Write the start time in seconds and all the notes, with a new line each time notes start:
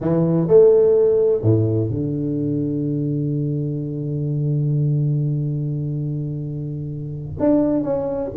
0.00 E3
0.47 A3
1.42 A2
1.90 D3
7.39 D4
7.83 C#4